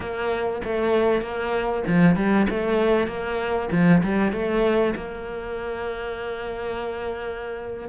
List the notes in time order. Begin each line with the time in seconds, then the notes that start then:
0.00 A#3
0.64 A3
1.21 A#3
1.87 F3
2.16 G3
2.49 A3
3.07 A#3
3.71 F3
4.03 G3
4.32 A3
4.95 A#3